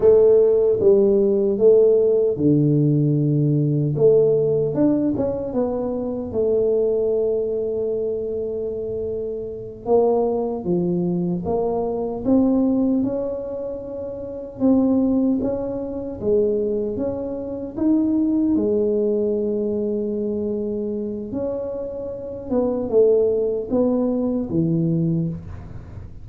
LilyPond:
\new Staff \with { instrumentName = "tuba" } { \time 4/4 \tempo 4 = 76 a4 g4 a4 d4~ | d4 a4 d'8 cis'8 b4 | a1~ | a8 ais4 f4 ais4 c'8~ |
c'8 cis'2 c'4 cis'8~ | cis'8 gis4 cis'4 dis'4 gis8~ | gis2. cis'4~ | cis'8 b8 a4 b4 e4 | }